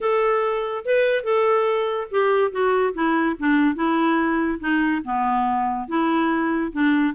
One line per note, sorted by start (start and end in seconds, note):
0.00 0.84 A4
0.85 1.23 B4
1.23 2.07 A4
2.11 2.51 G4
2.51 2.93 F#4
2.94 3.36 E4
3.39 3.75 D4
3.75 4.59 E4
4.60 5.02 D#4
5.04 5.88 B3
5.88 6.72 E4
6.72 7.14 D4